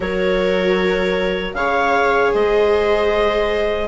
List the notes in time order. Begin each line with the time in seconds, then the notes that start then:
0.00 F#3 F#4 A#4 C#5
1.53 C#3 G#4 C#5 F5
2.33 G#3 C5 D#5